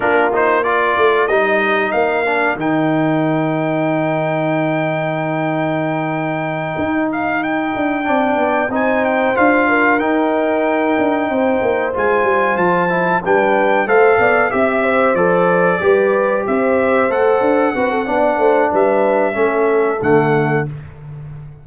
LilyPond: <<
  \new Staff \with { instrumentName = "trumpet" } { \time 4/4 \tempo 4 = 93 ais'8 c''8 d''4 dis''4 f''4 | g''1~ | g''2. f''8 g''8~ | g''4. gis''8 g''8 f''4 g''8~ |
g''2~ g''8 gis''4 a''8~ | a''8 g''4 f''4 e''4 d''8~ | d''4. e''4 fis''4.~ | fis''4 e''2 fis''4 | }
  \new Staff \with { instrumentName = "horn" } { \time 4/4 f'4 ais'2.~ | ais'1~ | ais'1~ | ais'8 d''4 c''4. ais'4~ |
ais'4. c''2~ c''8~ | c''8 b'4 c''8 d''8 e''8 c''4~ | c''8 b'4 c''2 b'16 a'16 | d''8 c''8 b'4 a'2 | }
  \new Staff \with { instrumentName = "trombone" } { \time 4/4 d'8 dis'8 f'4 dis'4. d'8 | dis'1~ | dis'1~ | dis'8 d'4 dis'4 f'4 dis'8~ |
dis'2~ dis'8 f'4. | e'8 d'4 a'4 g'4 a'8~ | a'8 g'2 a'4 fis'8 | d'2 cis'4 a4 | }
  \new Staff \with { instrumentName = "tuba" } { \time 4/4 ais4. a8 g4 ais4 | dis1~ | dis2~ dis8 dis'4. | d'8 c'8 b8 c'4 d'4 dis'8~ |
dis'4 d'8 c'8 ais8 gis8 g8 f8~ | f8 g4 a8 b8 c'4 f8~ | f8 g4 c'4 a8 d'8 c'8 | b8 a8 g4 a4 d4 | }
>>